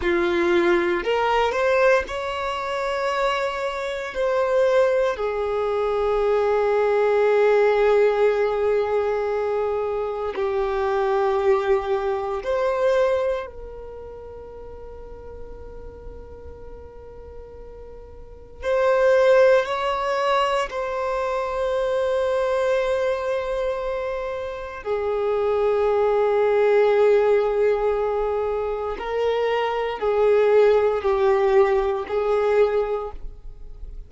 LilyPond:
\new Staff \with { instrumentName = "violin" } { \time 4/4 \tempo 4 = 58 f'4 ais'8 c''8 cis''2 | c''4 gis'2.~ | gis'2 g'2 | c''4 ais'2.~ |
ais'2 c''4 cis''4 | c''1 | gis'1 | ais'4 gis'4 g'4 gis'4 | }